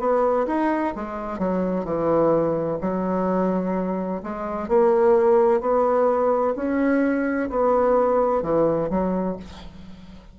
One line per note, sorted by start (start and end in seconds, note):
0.00 0.47 B3
0.47 0.94 D#4
0.96 1.39 G#3
1.39 1.85 F#3
1.85 2.79 E3
2.82 4.22 F#3
4.24 4.69 G#3
4.69 5.61 A#3
5.61 6.55 B3
6.56 7.50 C#4
7.50 8.42 B3
8.42 8.89 E3
8.90 9.37 F#3